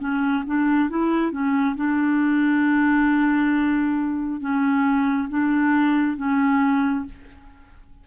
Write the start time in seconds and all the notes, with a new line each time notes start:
0.00 C#4
0.47 D4
0.90 E4
1.32 C#4
1.76 D4
4.41 C#4
5.30 D4
6.17 C#4